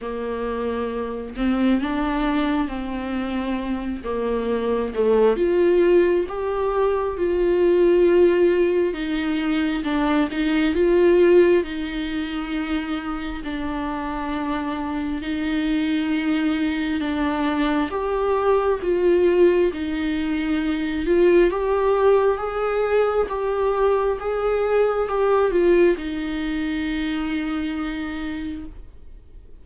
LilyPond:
\new Staff \with { instrumentName = "viola" } { \time 4/4 \tempo 4 = 67 ais4. c'8 d'4 c'4~ | c'8 ais4 a8 f'4 g'4 | f'2 dis'4 d'8 dis'8 | f'4 dis'2 d'4~ |
d'4 dis'2 d'4 | g'4 f'4 dis'4. f'8 | g'4 gis'4 g'4 gis'4 | g'8 f'8 dis'2. | }